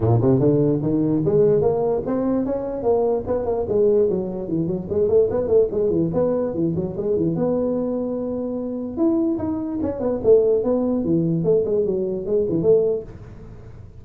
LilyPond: \new Staff \with { instrumentName = "tuba" } { \time 4/4 \tempo 4 = 147 ais,8 c8 d4 dis4 gis4 | ais4 c'4 cis'4 ais4 | b8 ais8 gis4 fis4 e8 fis8 | gis8 a8 b8 a8 gis8 e8 b4 |
e8 fis8 gis8 e8 b2~ | b2 e'4 dis'4 | cis'8 b8 a4 b4 e4 | a8 gis8 fis4 gis8 e8 a4 | }